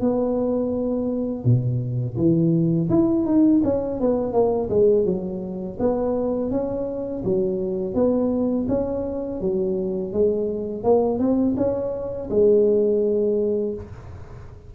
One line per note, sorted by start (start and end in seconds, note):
0.00 1.44 B3
1.44 2.17 B2
2.17 2.89 E3
2.89 3.25 E4
3.25 3.61 D#4
3.64 4.00 C#4
4.00 4.33 B3
4.33 4.69 A#3
4.70 5.05 G#3
5.05 5.77 F#3
5.79 6.51 B3
6.51 7.23 C#4
7.25 7.94 F#3
7.94 8.66 B3
8.68 9.40 C#4
9.40 10.13 F#3
10.13 10.83 G#3
10.83 11.19 A#3
11.19 11.55 C4
11.57 12.29 C#4
12.30 13.74 G#3